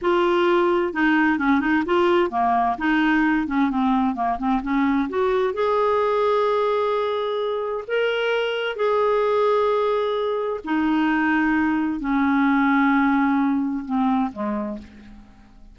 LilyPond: \new Staff \with { instrumentName = "clarinet" } { \time 4/4 \tempo 4 = 130 f'2 dis'4 cis'8 dis'8 | f'4 ais4 dis'4. cis'8 | c'4 ais8 c'8 cis'4 fis'4 | gis'1~ |
gis'4 ais'2 gis'4~ | gis'2. dis'4~ | dis'2 cis'2~ | cis'2 c'4 gis4 | }